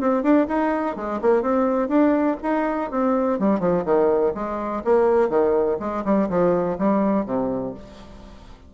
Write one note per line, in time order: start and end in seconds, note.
0.00 0.22 C4
0.22 0.47 D4
0.48 0.96 D#4
0.96 1.20 G#3
1.21 1.41 A#3
1.41 1.88 C4
1.88 2.37 D4
2.42 2.91 D#4
2.91 3.39 C4
3.39 3.59 G3
3.59 3.84 F3
3.84 4.33 D#3
4.34 4.83 G#3
4.84 5.29 A#3
5.29 5.77 D#3
5.79 6.04 G#3
6.04 6.29 G3
6.29 6.77 F3
6.78 7.25 G3
7.25 7.74 C3